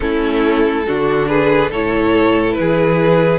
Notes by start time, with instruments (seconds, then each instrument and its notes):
0.00 cello A3, viola C#4, violin E4 A4
0.87 cello D3, viola D4, violin F#4
1.27 violin G#4 B4
1.70 cello A2, viola E4, violin A4 C#5
2.52 cello E3, violin B4
2.60 violin G#4